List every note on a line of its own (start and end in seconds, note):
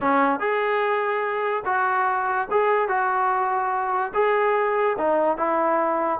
0.01 0.39 C#4
0.39 1.63 G#4
1.65 2.48 F#4
2.50 2.88 G#4
2.88 4.12 F#4
4.14 4.96 G#4
4.98 5.37 D#4
5.37 6.19 E4